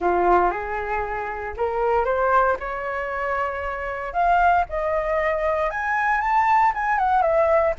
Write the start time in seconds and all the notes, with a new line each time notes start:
0.00 F4
0.50 G#4
1.57 A#4
2.05 C5
2.59 C#5
4.13 F5
4.69 D#5
5.70 G#5
6.20 A5
6.74 G#5
6.98 F#5
7.22 E5